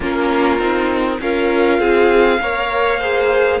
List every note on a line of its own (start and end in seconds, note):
0.00 0.58 A#3
0.00 0.60 C#4
0.00 1.19 F4
0.00 1.21 A#4
0.58 1.18 C4
0.58 1.20 D#4
1.21 1.78 C#4
1.21 2.41 F4
1.21 1.79 A#4
1.21 3.60 F5
1.78 2.38 C4
1.78 2.40 G#4
2.41 3.60 A#3
2.41 3.00 A#4
2.41 2.99 C#5
2.99 3.60 G#4
2.99 3.59 C5